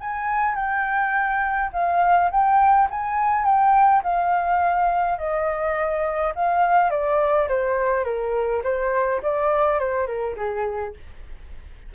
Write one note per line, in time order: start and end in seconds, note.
0.00 0.55 G#5
0.55 1.70 G5
1.73 2.30 F5
2.31 2.88 G5
2.90 3.44 G#5
3.44 4.02 G5
4.03 5.18 F5
5.18 6.34 D#5
6.35 6.90 F5
6.90 7.48 D5
7.48 8.04 C5
8.04 8.62 A#4
8.63 9.21 C5
9.22 9.79 D5
9.79 10.07 C5
10.07 10.36 A#4
10.36 10.94 G#4